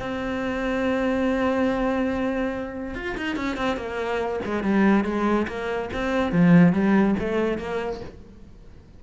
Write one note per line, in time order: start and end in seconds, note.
0.00 2.95 C4
2.95 3.16 F4
3.17 3.36 D#4
3.36 3.57 C#4
3.57 3.77 C4
3.77 4.40 A#3
4.45 4.63 G#3
4.63 5.05 G3
5.05 5.47 G#3
5.48 5.90 A#3
5.93 6.32 C4
6.32 6.73 F3
6.73 7.15 G3
7.19 7.58 A3
7.58 8.01 A#3